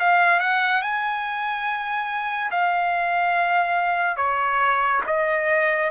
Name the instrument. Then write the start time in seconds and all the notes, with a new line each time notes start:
trumpet
0.00 F5
0.40 F#5
0.82 G#5
2.52 F5
4.17 C#5
5.07 D#5